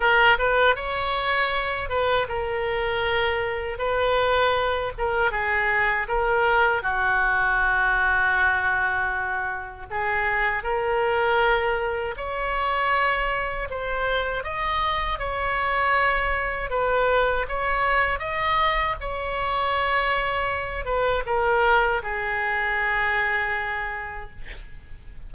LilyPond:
\new Staff \with { instrumentName = "oboe" } { \time 4/4 \tempo 4 = 79 ais'8 b'8 cis''4. b'8 ais'4~ | ais'4 b'4. ais'8 gis'4 | ais'4 fis'2.~ | fis'4 gis'4 ais'2 |
cis''2 c''4 dis''4 | cis''2 b'4 cis''4 | dis''4 cis''2~ cis''8 b'8 | ais'4 gis'2. | }